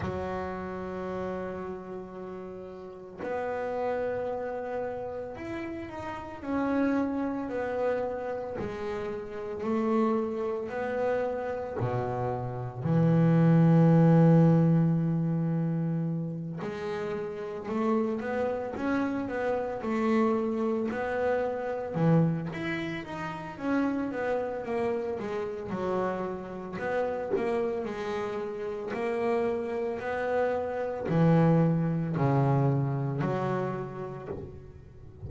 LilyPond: \new Staff \with { instrumentName = "double bass" } { \time 4/4 \tempo 4 = 56 fis2. b4~ | b4 e'8 dis'8 cis'4 b4 | gis4 a4 b4 b,4 | e2.~ e8 gis8~ |
gis8 a8 b8 cis'8 b8 a4 b8~ | b8 e8 e'8 dis'8 cis'8 b8 ais8 gis8 | fis4 b8 ais8 gis4 ais4 | b4 e4 cis4 fis4 | }